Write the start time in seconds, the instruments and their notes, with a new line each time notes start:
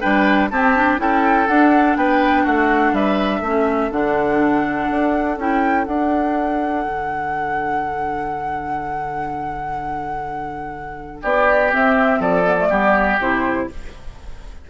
0.00 bassoon G3, clarinet D4, oboe B4, flute G5
0.50 bassoon C4, clarinet C4, oboe G4, flute A5
0.76 clarinet D4
0.98 bassoon C#4, clarinet E4, oboe A4, flute G5
1.47 bassoon D4, clarinet D4, flute F#5
1.96 bassoon B3, oboe B4, flute G5
2.43 bassoon A3, oboe F#4, flute F#5
2.92 bassoon G3, oboe B4, flute E5
3.40 bassoon A3, clarinet C#4, oboe A4
3.91 bassoon D3, clarinet D4, flute F#5
4.89 bassoon D4
5.37 bassoon C#4, clarinet E4, flute G5
5.85 clarinet D4, bassoon D4, flute F#5
6.84 bassoon D3
11.22 bassoon B3, oboe G4, flute D5
11.71 clarinet C4, bassoon C4, flute E5
12.19 bassoon F3, oboe A4, flute D5
12.45 clarinet B3
12.59 clarinet A3
12.69 bassoon G3, clarinet B3, oboe G4
13.18 bassoon C3, clarinet E4, flute C5